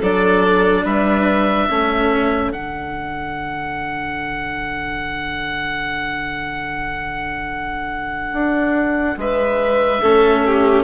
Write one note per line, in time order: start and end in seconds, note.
0.00 0.85 F#3
0.00 1.70 D4
0.00 0.83 A4
0.00 0.86 D5
0.84 1.68 G3
0.84 1.67 B4
0.84 2.52 E5
1.67 2.51 A3
1.67 2.52 C#4
1.67 9.17 A4
2.51 8.33 D3
2.51 10.02 D4
2.51 9.19 F#5
8.33 9.16 D4
9.18 10.01 G#3
9.18 10.02 B4
9.18 10.84 E5
10.02 10.84 A3
10.02 10.84 C#4
10.02 10.43 A4
10.46 10.84 G4